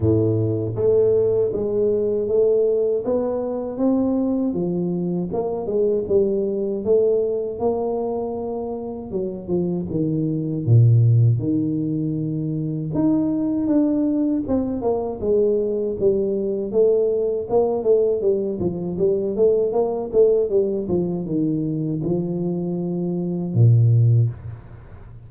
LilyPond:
\new Staff \with { instrumentName = "tuba" } { \time 4/4 \tempo 4 = 79 a,4 a4 gis4 a4 | b4 c'4 f4 ais8 gis8 | g4 a4 ais2 | fis8 f8 dis4 ais,4 dis4~ |
dis4 dis'4 d'4 c'8 ais8 | gis4 g4 a4 ais8 a8 | g8 f8 g8 a8 ais8 a8 g8 f8 | dis4 f2 ais,4 | }